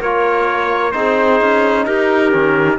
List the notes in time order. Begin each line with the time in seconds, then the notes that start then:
0.00 A#3 F4 A#4 C#5
0.92 C4 D#4 G#4 C5
1.41 C#4
1.86 D#4 G4 A#4
2.30 D#3 C#4